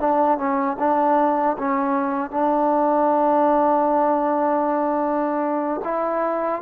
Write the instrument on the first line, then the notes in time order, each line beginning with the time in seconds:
trombone
0.00 D4
0.38 C#4
0.79 D4
1.58 C#4
2.31 D4
5.84 E4